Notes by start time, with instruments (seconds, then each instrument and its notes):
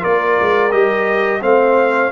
0.00 tuba A#3, trombone F4, horn A#4, trumpet D5
0.40 tuba G#3
0.71 tuba G3, trombone G4, trumpet D#5
1.41 tuba A3, trombone C4, horn C5, trumpet F5